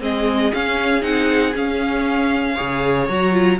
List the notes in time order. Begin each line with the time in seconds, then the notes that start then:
0.00 G#3 C4 G#4 D#5
0.53 C#4 F5
1.01 C4 D#4 F#5
1.55 C#4 F5
2.55 C#3 G#4 C#5
3.08 F#3 F#4 A#5
3.32 F4